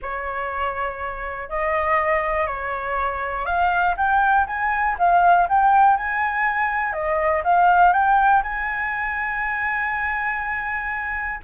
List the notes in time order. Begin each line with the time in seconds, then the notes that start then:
0.02 C#5
1.49 D#5
2.47 C#5
3.45 F5
3.96 G5
4.47 G#5
4.98 F5
5.49 G5
5.96 G#5
6.92 D#5
7.44 F5
7.92 G5
8.42 G#5